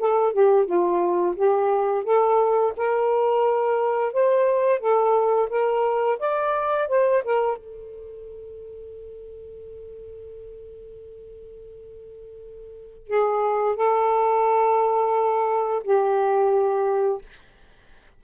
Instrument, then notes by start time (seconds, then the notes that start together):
saxophone
0.00 A4
0.33 G4
0.66 F4
1.36 G4
2.04 A4
2.77 A#4
4.13 C5
4.80 A4
5.50 A#4
6.19 D5
6.89 C5
7.24 A#4
7.58 A4
13.08 G#4
13.76 A4
15.84 G4